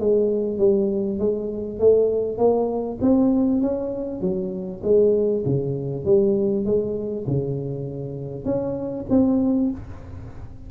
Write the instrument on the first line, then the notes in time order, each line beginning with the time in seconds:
tuba
0.00 G#3
0.58 G3
1.19 G#3
1.80 A3
2.38 A#3
3.01 C4
3.61 C#4
4.21 F#3
4.83 G#3
5.46 C#3
6.05 G3
6.66 G#3
7.27 C#3
8.45 C#4
9.10 C4